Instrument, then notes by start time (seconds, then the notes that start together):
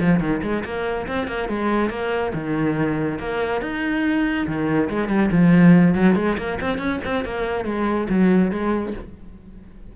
cello
0.00 F3
0.20 D#3
0.42 G#3
0.65 A#3
1.07 C4
1.27 A#3
1.49 G#3
1.90 A#3
2.34 D#3
3.19 A#3
3.61 D#4
4.47 D#3
4.90 G#3
5.09 G3
5.31 F3
5.95 F#3
6.15 G#3
6.38 A#3
6.61 C4
6.78 C#4
7.04 C4
7.25 A#3
7.65 G#3
8.09 F#3
8.51 G#3